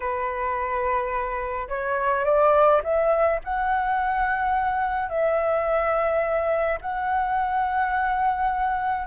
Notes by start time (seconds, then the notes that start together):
0.00 B4
1.68 C#5
2.24 D5
2.83 E5
3.44 F#5
5.09 E5
6.81 F#5